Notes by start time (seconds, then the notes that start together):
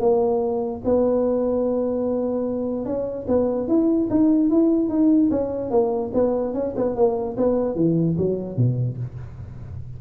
0.00 A#3
0.85 B3
2.86 C#4
3.28 B3
3.68 E4
4.11 D#4
4.50 E4
4.89 D#4
5.31 C#4
5.71 A#3
6.14 B3
6.54 C#4
6.77 B3
6.96 A#3
7.37 B3
7.76 E3
8.18 F#3
8.57 B2